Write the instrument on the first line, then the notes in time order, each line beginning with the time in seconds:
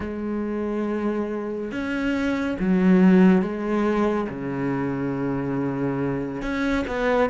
cello
0.00 G#3
1.71 C#4
2.59 F#3
3.41 G#3
4.29 C#3
6.41 C#4
6.86 B3